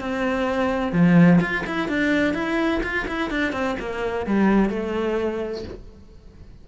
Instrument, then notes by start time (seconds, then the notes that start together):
cello
0.00 C4
0.92 F3
1.40 F4
1.66 E4
1.88 D4
2.34 E4
2.83 F4
3.08 E4
3.30 D4
3.52 C4
3.79 A#3
4.26 G3
4.69 A3